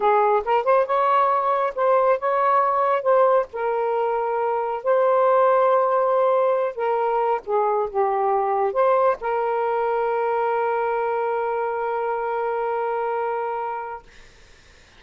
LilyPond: \new Staff \with { instrumentName = "saxophone" } { \time 4/4 \tempo 4 = 137 gis'4 ais'8 c''8 cis''2 | c''4 cis''2 c''4 | ais'2. c''4~ | c''2.~ c''8 ais'8~ |
ais'4 gis'4 g'2 | c''4 ais'2.~ | ais'1~ | ais'1 | }